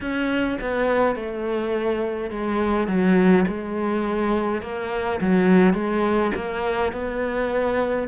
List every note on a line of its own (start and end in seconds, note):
0.00 0.58 C#4
0.61 1.15 B3
1.15 2.30 A3
2.30 2.87 G#3
2.87 3.45 F#3
3.47 4.62 G#3
4.62 5.19 A#3
5.20 5.73 F#3
5.73 6.31 G#3
6.35 6.92 A#3
6.92 8.08 B3